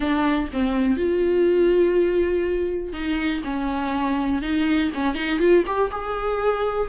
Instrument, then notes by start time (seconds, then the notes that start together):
viola
0.00 D4
0.53 C4
0.96 F4
2.92 D#4
3.43 C#4
4.42 D#4
4.94 C#4
5.15 D#4
5.39 F4
5.66 G4
5.91 G#4